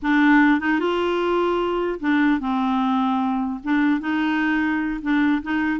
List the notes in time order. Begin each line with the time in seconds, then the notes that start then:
0.02 D4
0.60 D#4
0.79 F4
1.99 D4
2.39 C4
3.63 D4
4.00 D#4
5.01 D4
5.42 D#4